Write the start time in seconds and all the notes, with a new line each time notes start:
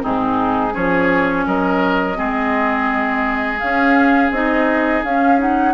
0.00 G#2 C4 D#4 G#4
0.72 F3 C#4 G#4 C#5
1.46 F#3 A#4 D#5
2.14 G#3 C4 G#4
3.59 C#4 F5
4.31 C4 D#4 D#5
5.04 C#4 F5
5.38 D#4 F#5